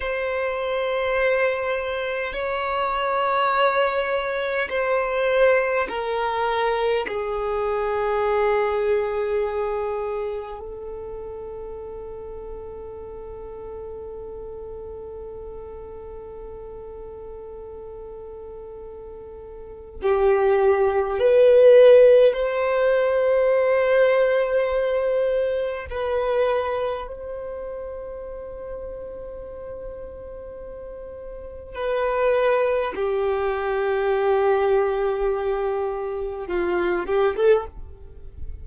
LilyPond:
\new Staff \with { instrumentName = "violin" } { \time 4/4 \tempo 4 = 51 c''2 cis''2 | c''4 ais'4 gis'2~ | gis'4 a'2.~ | a'1~ |
a'4 g'4 b'4 c''4~ | c''2 b'4 c''4~ | c''2. b'4 | g'2. f'8 g'16 a'16 | }